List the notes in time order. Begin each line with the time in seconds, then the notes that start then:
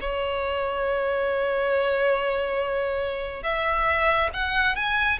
0.00 C#5
3.43 E5
4.33 F#5
4.75 G#5